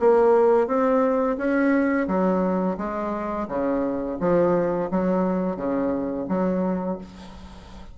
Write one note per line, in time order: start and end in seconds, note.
0.00 0.68 A#3
0.68 1.37 C4
1.38 2.08 C#4
2.08 2.77 F#3
2.78 3.48 G#3
3.49 4.18 C#3
4.20 4.90 F3
4.92 5.57 F#3
5.57 6.27 C#3
6.29 6.98 F#3